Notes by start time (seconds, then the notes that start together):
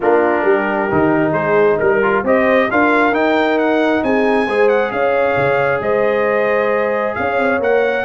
0.00 A#3 D4 F4 A#4
0.44 G3 G4
0.91 D#3 D#4
1.32 G#3 G#4 C5
1.78 G3 A#4
2.02 F4
2.23 C4 G4 C5 D#5
2.71 D4 F4 A#4 F5
3.11 D#4 G5
3.58 F#5
4.03 C4 G#4 G#5
4.47 G#3 G#4 C5
4.68 F#5
4.91 C#4 C#5 F5
5.36 C#3
5.80 G#3 C5 D#5
7.14 C#4 C#5 F5
7.38 C4
7.59 A#3 A#4 F#5